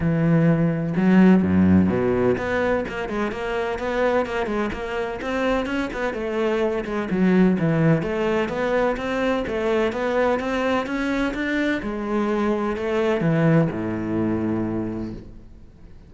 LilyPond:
\new Staff \with { instrumentName = "cello" } { \time 4/4 \tempo 4 = 127 e2 fis4 fis,4 | b,4 b4 ais8 gis8 ais4 | b4 ais8 gis8 ais4 c'4 | cis'8 b8 a4. gis8 fis4 |
e4 a4 b4 c'4 | a4 b4 c'4 cis'4 | d'4 gis2 a4 | e4 a,2. | }